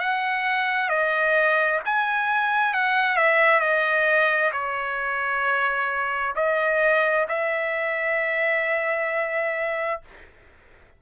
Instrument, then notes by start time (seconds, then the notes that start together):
trumpet
0.00 F#5
0.90 D#5
1.86 G#5
2.74 F#5
3.17 E5
3.61 D#5
4.53 C#5
6.36 D#5
7.29 E5